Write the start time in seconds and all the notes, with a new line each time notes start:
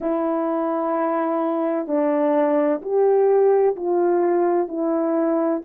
0.00 E4
1.87 D4
2.82 G4
3.75 F4
4.67 E4